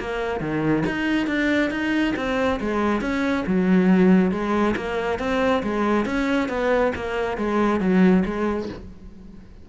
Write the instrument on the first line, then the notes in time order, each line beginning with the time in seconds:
cello
0.00 A#3
0.41 D#3
0.87 D#4
1.27 D4
1.71 D#4
2.16 C4
2.60 G#3
3.01 C#4
3.47 F#3
4.32 G#3
4.77 A#3
5.19 C4
5.63 G#3
6.06 C#4
6.49 B3
6.96 A#3
7.38 G#3
7.80 F#3
8.26 G#3